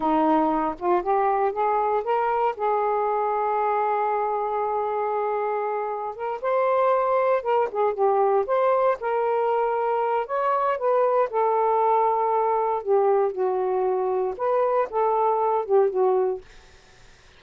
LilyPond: \new Staff \with { instrumentName = "saxophone" } { \time 4/4 \tempo 4 = 117 dis'4. f'8 g'4 gis'4 | ais'4 gis'2.~ | gis'1 | ais'8 c''2 ais'8 gis'8 g'8~ |
g'8 c''4 ais'2~ ais'8 | cis''4 b'4 a'2~ | a'4 g'4 fis'2 | b'4 a'4. g'8 fis'4 | }